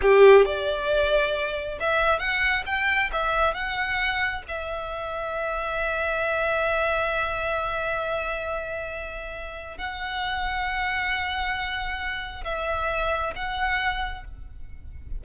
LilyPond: \new Staff \with { instrumentName = "violin" } { \time 4/4 \tempo 4 = 135 g'4 d''2. | e''4 fis''4 g''4 e''4 | fis''2 e''2~ | e''1~ |
e''1~ | e''2 fis''2~ | fis''1 | e''2 fis''2 | }